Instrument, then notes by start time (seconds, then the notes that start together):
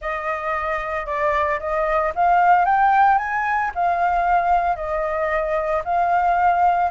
flute
0.01 D#5
1.06 D5
1.59 D#5
2.15 F5
2.65 G5
3.18 G#5
3.74 F5
4.76 D#5
5.84 F5